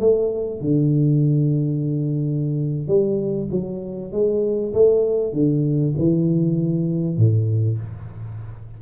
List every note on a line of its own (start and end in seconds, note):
0.00 0.61 A3
0.61 2.88 D3
2.88 3.49 G3
3.51 4.12 F#3
4.12 4.73 G#3
4.74 5.33 A3
5.33 5.94 D3
5.98 7.17 E3
7.17 7.78 A2